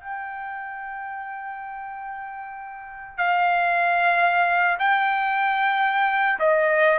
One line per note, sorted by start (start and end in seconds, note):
0.00 3.18 G5
3.18 4.78 F5
4.79 6.39 G5
6.39 6.99 D#5